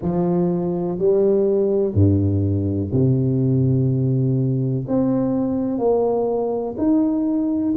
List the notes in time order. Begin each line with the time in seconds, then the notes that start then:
0.01 F3
0.98 G3
1.94 G2
2.92 C3
4.87 C4
5.78 A#3
6.77 D#4